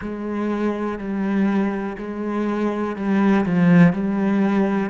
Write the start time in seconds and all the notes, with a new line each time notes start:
0.01 G#3
0.98 G3
1.98 G#3
2.96 G3
3.45 F3
3.93 G3